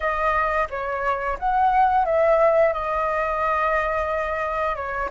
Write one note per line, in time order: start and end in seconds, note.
0.00 0.68 D#5
0.70 1.38 C#5
1.38 2.05 F#5
2.05 2.73 E5
2.73 4.75 D#5
4.75 5.10 C#5